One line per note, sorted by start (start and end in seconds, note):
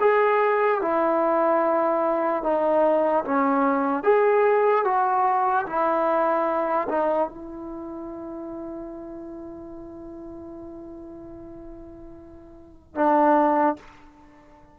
0.00 0.81 G#4
0.81 2.43 E4
2.43 3.24 D#4
3.24 4.03 C#4
4.03 4.84 G#4
4.84 5.65 F#4
5.66 6.88 E4
6.88 7.29 D#4
7.29 12.95 E4
12.95 13.76 D4